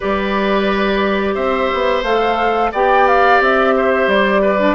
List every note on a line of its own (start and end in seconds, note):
0.00 1.36 G3
0.00 2.05 G4
0.00 1.34 B4
0.00 1.35 D5
1.34 1.70 C4
1.34 2.70 C5
1.34 2.03 E5
1.74 2.03 B3
2.03 2.71 A3
2.03 2.74 A4
2.03 2.71 F5
2.72 3.40 B3
2.72 4.59 G4
2.72 3.74 D5
2.72 3.07 G5
3.07 3.41 F5
3.40 4.07 C4
3.40 4.09 E5
3.76 4.41 C5
4.07 4.75 G3
4.07 4.75 D5
4.41 4.75 B4
4.59 4.75 D4